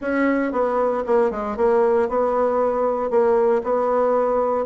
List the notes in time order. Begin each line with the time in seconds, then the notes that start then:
0.01 C#4
0.51 B3
1.06 A#3
1.30 G#3
1.57 A#3
2.09 B3
3.10 A#3
3.63 B3